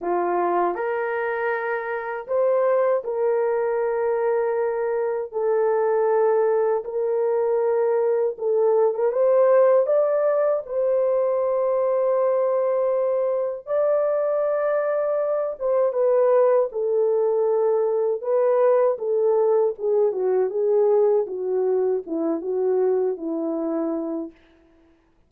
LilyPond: \new Staff \with { instrumentName = "horn" } { \time 4/4 \tempo 4 = 79 f'4 ais'2 c''4 | ais'2. a'4~ | a'4 ais'2 a'8. ais'16 | c''4 d''4 c''2~ |
c''2 d''2~ | d''8 c''8 b'4 a'2 | b'4 a'4 gis'8 fis'8 gis'4 | fis'4 e'8 fis'4 e'4. | }